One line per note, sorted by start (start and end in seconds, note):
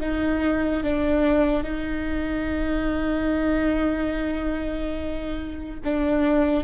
0.00 0.83 D#4
0.83 1.63 D4
1.63 5.80 D#4
5.84 6.64 D4